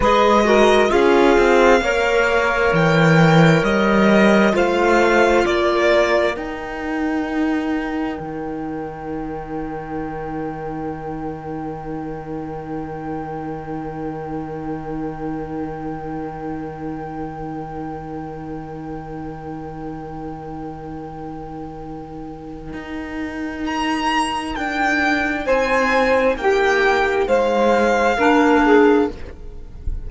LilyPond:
<<
  \new Staff \with { instrumentName = "violin" } { \time 4/4 \tempo 4 = 66 dis''4 f''2 g''4 | dis''4 f''4 d''4 g''4~ | g''1~ | g''1~ |
g''1~ | g''1~ | g''2 ais''4 g''4 | gis''4 g''4 f''2 | }
  \new Staff \with { instrumentName = "saxophone" } { \time 4/4 b'8 ais'8 gis'4 cis''2~ | cis''4 c''4 ais'2~ | ais'1~ | ais'1~ |
ais'1~ | ais'1~ | ais'1 | c''4 g'4 c''4 ais'8 gis'8 | }
  \new Staff \with { instrumentName = "clarinet" } { \time 4/4 gis'8 fis'8 f'4 ais'2~ | ais'4 f'2 dis'4~ | dis'1~ | dis'1~ |
dis'1~ | dis'1~ | dis'1~ | dis'2. d'4 | }
  \new Staff \with { instrumentName = "cello" } { \time 4/4 gis4 cis'8 c'8 ais4 e4 | g4 a4 ais4 dis'4~ | dis'4 dis2.~ | dis1~ |
dis1~ | dis1~ | dis4 dis'2 d'4 | c'4 ais4 gis4 ais4 | }
>>